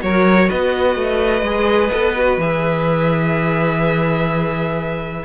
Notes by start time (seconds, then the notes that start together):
0.00 F#3 F#4 A#4 C#5
0.49 B3 B4 D#5
0.96 A3
1.42 G#3 G#4
1.92 B3 A4
2.17 F#4
2.38 E3 G#4 E5